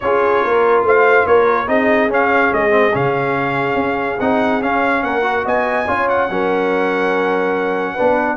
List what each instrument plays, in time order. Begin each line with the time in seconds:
0.00 tuba C#4, trombone F4, horn G#4, trumpet C#5
0.43 tuba A#3, horn A#4
0.83 tuba A3, horn C5, trumpet F5
1.26 tuba A#3, horn A#4, trumpet C#5
1.67 tuba C4, trombone D#4, horn G#4, trumpet D#5
2.09 tuba C#4, trombone C#4, trumpet F5
2.52 tuba G#3, trumpet D#5
2.70 trombone C4
2.93 tuba C#3, trombone C#4, trumpet F5
3.74 tuba C#4
4.20 tuba C4, trombone D#4, trumpet F#5
4.61 trombone C#4, tuba C#4, trumpet F5
5.03 tuba A#3, horn A#4, trumpet F#5
5.22 trombone F#4
5.45 tuba B3, horn D#5, trumpet G#5
5.87 tuba C#4, trombone F4, horn C#5
6.08 trumpet F#5
6.29 tuba F#3, trombone C#4, horn A#4
7.94 tuba B3, trombone D4, horn B4